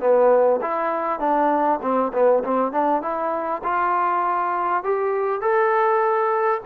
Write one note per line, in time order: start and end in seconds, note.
0.00 0.60 B3
0.62 1.20 E4
1.20 1.80 D4
1.82 2.12 C4
2.13 2.43 B3
2.44 2.72 C4
2.72 3.02 D4
3.02 3.62 E4
3.64 4.84 F4
4.84 5.41 G4
5.41 6.61 A4